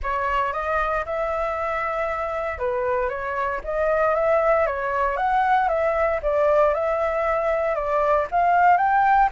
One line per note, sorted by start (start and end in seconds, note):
0.03 0.53 C#5
0.53 1.04 D#5
1.05 2.58 E5
2.58 3.09 B4
3.09 3.60 C#5
3.64 4.14 D#5
4.14 4.66 E5
4.66 5.17 C#5
5.17 5.68 F#5
5.68 6.20 E5
6.22 6.74 D5
6.74 7.75 E5
7.75 8.26 D5
8.31 8.77 F5
8.77 9.29 G5